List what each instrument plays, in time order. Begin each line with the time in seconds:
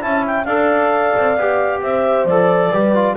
0.00 double bass C#4, trombone E4, horn E5, clarinet A5
0.26 clarinet G5
0.44 double bass D4, trombone A4, horn D5, clarinet F5
1.17 double bass C4
1.37 double bass B3, trombone G4
1.81 double bass C4, horn C5, clarinet E5
2.25 double bass F3, trombone A4, clarinet D5
2.70 double bass G3, trombone G4, horn B4
2.94 trombone F4